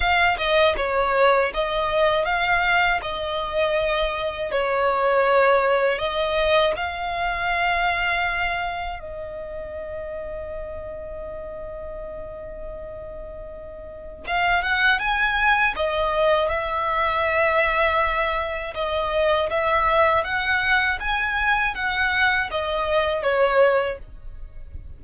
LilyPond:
\new Staff \with { instrumentName = "violin" } { \time 4/4 \tempo 4 = 80 f''8 dis''8 cis''4 dis''4 f''4 | dis''2 cis''2 | dis''4 f''2. | dis''1~ |
dis''2. f''8 fis''8 | gis''4 dis''4 e''2~ | e''4 dis''4 e''4 fis''4 | gis''4 fis''4 dis''4 cis''4 | }